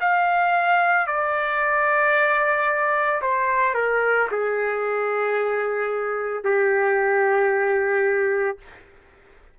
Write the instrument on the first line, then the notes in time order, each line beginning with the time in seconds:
trumpet
0.00 F5
1.07 D5
3.21 C5
3.74 A#4
4.31 G#4
6.43 G4